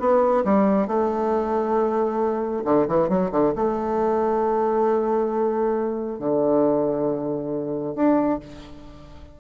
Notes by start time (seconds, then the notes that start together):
0.00 B3
0.45 G3
0.88 A3
2.65 D3
2.88 E3
3.09 F#3
3.32 D3
3.56 A3
6.19 D3
7.96 D4